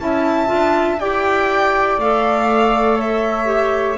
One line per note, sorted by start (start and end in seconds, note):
0.00 0.50 C#4
0.00 0.47 E4
0.00 1.01 E5
0.00 1.00 A5
0.47 1.00 D4
0.47 0.97 F4
1.00 1.98 E4
1.00 2.01 G4
1.00 2.98 D5
1.00 2.00 G5
1.98 3.98 A3
1.98 3.46 A4
1.98 3.01 F5
2.98 3.98 C#5
2.98 3.98 E5
3.46 3.96 G4